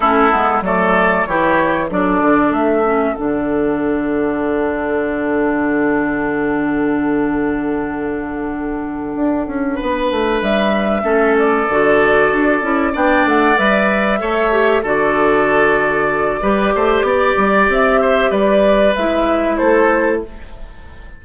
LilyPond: <<
  \new Staff \with { instrumentName = "flute" } { \time 4/4 \tempo 4 = 95 a'4 d''4 cis''4 d''4 | e''4 fis''2.~ | fis''1~ | fis''1~ |
fis''8 e''4. d''2~ | d''8 g''8 fis''8 e''2 d''8~ | d''1 | e''4 d''4 e''4 c''4 | }
  \new Staff \with { instrumentName = "oboe" } { \time 4/4 e'4 a'4 g'4 a'4~ | a'1~ | a'1~ | a'2.~ a'8 b'8~ |
b'4. a'2~ a'8~ | a'8 d''2 cis''4 a'8~ | a'2 b'8 c''8 d''4~ | d''8 c''8 b'2 a'4 | }
  \new Staff \with { instrumentName = "clarinet" } { \time 4/4 cis'8 b8 a4 e'4 d'4~ | d'8 cis'8 d'2.~ | d'1~ | d'1~ |
d'4. cis'4 fis'4. | e'8 d'4 b'4 a'8 g'8 fis'8~ | fis'2 g'2~ | g'2 e'2 | }
  \new Staff \with { instrumentName = "bassoon" } { \time 4/4 a8 gis8 fis4 e4 fis8 d8 | a4 d2.~ | d1~ | d2~ d8 d'8 cis'8 b8 |
a8 g4 a4 d4 d'8 | cis'8 b8 a8 g4 a4 d8~ | d2 g8 a8 b8 g8 | c'4 g4 gis4 a4 | }
>>